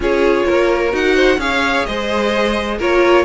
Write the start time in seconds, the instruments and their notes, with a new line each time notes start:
0.00 cello C#4, viola F4, violin G#4 C#5
0.46 cello A#3, violin A#4
0.91 cello D#4, viola F#4, violin F#5
1.14 violin C5
1.36 cello C#4, viola G#4, violin C#5 F5
1.85 cello G#3, violin C5 D#5
2.78 cello A#3, viola F4, violin A#4 C#5